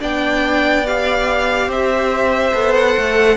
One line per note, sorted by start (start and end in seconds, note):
0.00 1.68 B3
0.00 0.85 D4
0.00 1.69 D5
0.00 0.87 G5
0.86 2.54 G4
0.86 1.71 F5
1.68 2.52 C4
1.68 3.37 C5
1.68 2.74 E5
2.54 2.96 B3
2.54 3.37 A4
2.74 3.37 F#5
2.97 3.37 A3